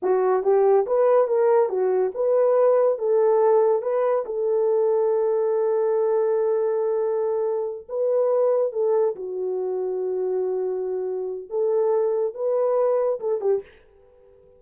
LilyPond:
\new Staff \with { instrumentName = "horn" } { \time 4/4 \tempo 4 = 141 fis'4 g'4 b'4 ais'4 | fis'4 b'2 a'4~ | a'4 b'4 a'2~ | a'1~ |
a'2~ a'8 b'4.~ | b'8 a'4 fis'2~ fis'8~ | fis'2. a'4~ | a'4 b'2 a'8 g'8 | }